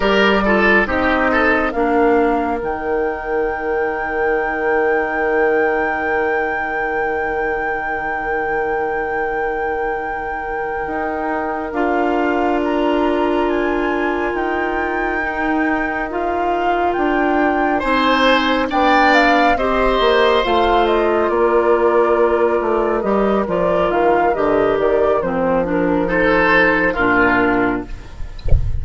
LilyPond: <<
  \new Staff \with { instrumentName = "flute" } { \time 4/4 \tempo 4 = 69 d''4 dis''4 f''4 g''4~ | g''1~ | g''1~ | g''4. f''4 ais''4 gis''8~ |
gis''8 g''2 f''4 g''8~ | g''8 gis''4 g''8 f''8 dis''4 f''8 | dis''8 d''2 dis''8 d''8 f''8 | dis''8 d''8 c''8 ais'8 c''4 ais'4 | }
  \new Staff \with { instrumentName = "oboe" } { \time 4/4 ais'8 a'8 g'8 a'8 ais'2~ | ais'1~ | ais'1~ | ais'1~ |
ais'1~ | ais'8 c''4 d''4 c''4.~ | c''8 ais'2.~ ais'8~ | ais'2 a'4 f'4 | }
  \new Staff \with { instrumentName = "clarinet" } { \time 4/4 g'8 f'8 dis'4 d'4 dis'4~ | dis'1~ | dis'1~ | dis'4. f'2~ f'8~ |
f'4. dis'4 f'4.~ | f'8 dis'4 d'4 g'4 f'8~ | f'2~ f'8 g'8 f'4 | g'4 c'8 d'8 dis'4 d'4 | }
  \new Staff \with { instrumentName = "bassoon" } { \time 4/4 g4 c'4 ais4 dis4~ | dis1~ | dis1~ | dis8 dis'4 d'2~ d'8~ |
d'8 dis'2. d'8~ | d'8 c'4 b4 c'8 ais8 a8~ | a8 ais4. a8 g8 f8 dis8 | d8 dis8 f2 ais,4 | }
>>